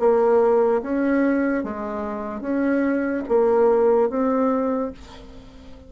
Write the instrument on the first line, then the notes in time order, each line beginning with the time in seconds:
bassoon
0.00 A#3
0.82 C#4
1.64 G#3
2.41 C#4
3.29 A#3
4.10 C4